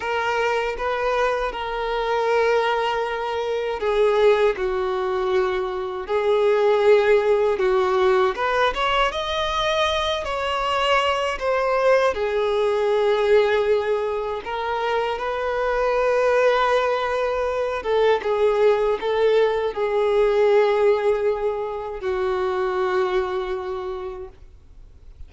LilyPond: \new Staff \with { instrumentName = "violin" } { \time 4/4 \tempo 4 = 79 ais'4 b'4 ais'2~ | ais'4 gis'4 fis'2 | gis'2 fis'4 b'8 cis''8 | dis''4. cis''4. c''4 |
gis'2. ais'4 | b'2.~ b'8 a'8 | gis'4 a'4 gis'2~ | gis'4 fis'2. | }